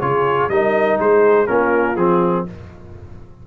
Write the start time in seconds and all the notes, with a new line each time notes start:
0.00 C#3 F4 G#4 C#5
0.48 G3 D#4 A#4 D#5
0.99 G#3 G#4 C5
1.47 A#3 C#4 F4 A#4
1.96 F3 C4 G#4